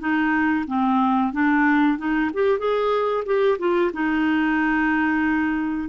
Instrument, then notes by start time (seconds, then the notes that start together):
clarinet
0.00 D#4
0.68 C4
1.33 D4
1.98 D#4
2.34 G4
2.59 G#4
3.25 G4
3.59 F4
3.93 D#4